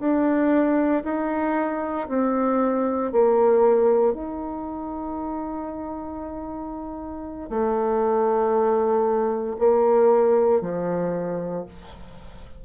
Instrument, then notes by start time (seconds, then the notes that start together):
bassoon
0.00 D4
1.05 D#4
2.09 C4
3.12 A#3
4.14 D#4
7.50 A3
9.59 A#3
10.62 F3